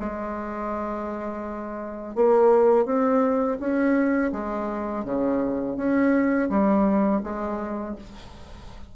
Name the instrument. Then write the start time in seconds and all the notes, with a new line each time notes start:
bassoon
0.00 G#3
2.16 A#3
2.86 C4
3.60 C#4
4.32 G#3
5.05 C#3
5.77 C#4
6.50 G3
7.24 G#3